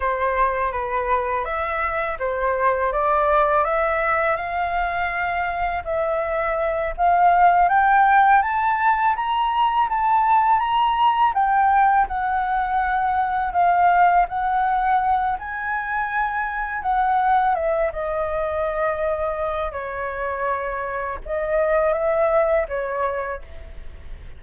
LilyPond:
\new Staff \with { instrumentName = "flute" } { \time 4/4 \tempo 4 = 82 c''4 b'4 e''4 c''4 | d''4 e''4 f''2 | e''4. f''4 g''4 a''8~ | a''8 ais''4 a''4 ais''4 g''8~ |
g''8 fis''2 f''4 fis''8~ | fis''4 gis''2 fis''4 | e''8 dis''2~ dis''8 cis''4~ | cis''4 dis''4 e''4 cis''4 | }